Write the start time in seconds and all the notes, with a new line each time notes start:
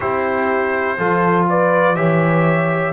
0.00 C4 E4 G4 C5
0.97 F3 F4 A4
1.49 B4 D5
1.95 E3 G4 C#5 E5